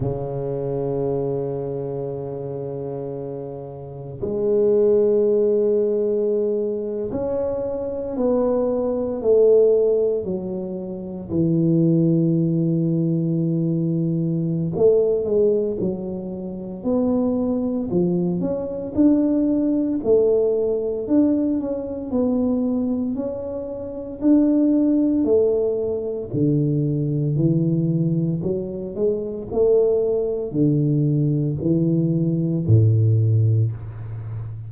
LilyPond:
\new Staff \with { instrumentName = "tuba" } { \time 4/4 \tempo 4 = 57 cis1 | gis2~ gis8. cis'4 b16~ | b8. a4 fis4 e4~ e16~ | e2 a8 gis8 fis4 |
b4 f8 cis'8 d'4 a4 | d'8 cis'8 b4 cis'4 d'4 | a4 d4 e4 fis8 gis8 | a4 d4 e4 a,4 | }